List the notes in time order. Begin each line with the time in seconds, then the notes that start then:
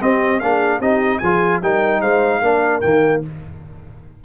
0.00 C4 G4 D#5
0.39 A#3 D4 G#4 F5
0.79 C4 D#4 G4 D#5
1.18 F3 F4 G#4 G#5
1.61 G3 D#4 A#4 G5
2.01 G#3 C5 F5
2.41 A#3 D4 A#4
2.80 D#3 A#3 G5